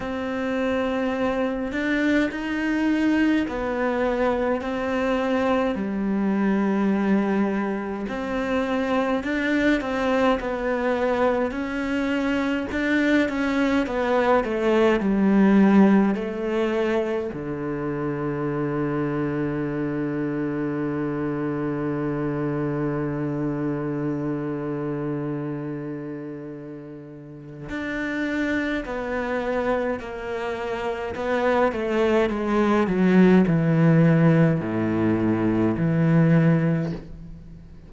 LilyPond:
\new Staff \with { instrumentName = "cello" } { \time 4/4 \tempo 4 = 52 c'4. d'8 dis'4 b4 | c'4 g2 c'4 | d'8 c'8 b4 cis'4 d'8 cis'8 | b8 a8 g4 a4 d4~ |
d1~ | d1 | d'4 b4 ais4 b8 a8 | gis8 fis8 e4 a,4 e4 | }